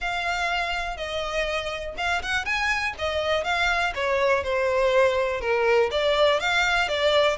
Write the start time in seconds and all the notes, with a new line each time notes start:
0.00 F5
0.97 D#5
1.97 F5
2.22 F#5
2.45 G#5
2.98 D#5
3.44 F5
3.95 C#5
4.43 C5
5.40 A#4
5.91 D5
6.40 F5
6.88 D5